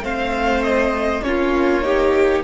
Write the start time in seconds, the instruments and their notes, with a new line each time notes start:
0.00 cello A3, viola C4, violin C5 F5
0.63 violin D#5
1.22 cello A#3, viola C#4, violin F4 C#5
1.81 viola D#4, violin G4